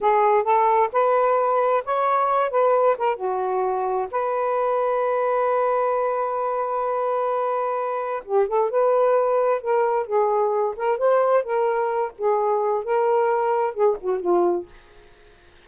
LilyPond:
\new Staff \with { instrumentName = "saxophone" } { \time 4/4 \tempo 4 = 131 gis'4 a'4 b'2 | cis''4. b'4 ais'8 fis'4~ | fis'4 b'2.~ | b'1~ |
b'2 g'8 a'8 b'4~ | b'4 ais'4 gis'4. ais'8 | c''4 ais'4. gis'4. | ais'2 gis'8 fis'8 f'4 | }